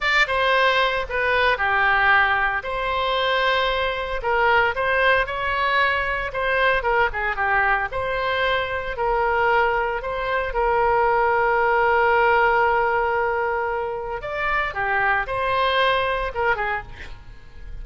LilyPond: \new Staff \with { instrumentName = "oboe" } { \time 4/4 \tempo 4 = 114 d''8 c''4. b'4 g'4~ | g'4 c''2. | ais'4 c''4 cis''2 | c''4 ais'8 gis'8 g'4 c''4~ |
c''4 ais'2 c''4 | ais'1~ | ais'2. d''4 | g'4 c''2 ais'8 gis'8 | }